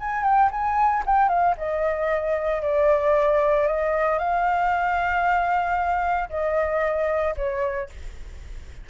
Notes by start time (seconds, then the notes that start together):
0.00 G#5
0.23 G5
0.51 G#5
1.06 G5
1.29 F5
1.57 D#5
2.62 D5
3.67 D#5
4.18 F5
6.29 D#5
7.37 C#5